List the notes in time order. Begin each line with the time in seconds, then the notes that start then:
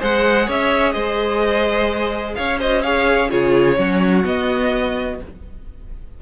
0.00 G#3 G#4 C5 F#5
0.46 C#4 C#5 E5
0.93 G#3 C5 D#5
2.36 C#4 C#5 F5
2.59 F#4 C5 D#5
2.82 G#4 C#5 F5
3.31 C#3 F4 G#4 C#5
3.77 F#3 C#4 F#4
4.24 B3 D#5